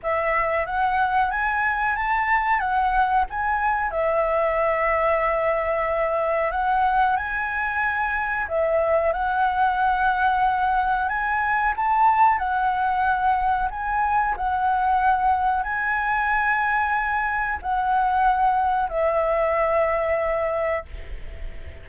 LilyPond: \new Staff \with { instrumentName = "flute" } { \time 4/4 \tempo 4 = 92 e''4 fis''4 gis''4 a''4 | fis''4 gis''4 e''2~ | e''2 fis''4 gis''4~ | gis''4 e''4 fis''2~ |
fis''4 gis''4 a''4 fis''4~ | fis''4 gis''4 fis''2 | gis''2. fis''4~ | fis''4 e''2. | }